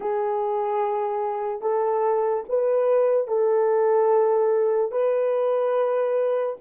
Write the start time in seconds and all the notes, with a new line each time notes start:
0.00 G#4
1.61 A4
2.48 B4
3.27 A4
4.91 B4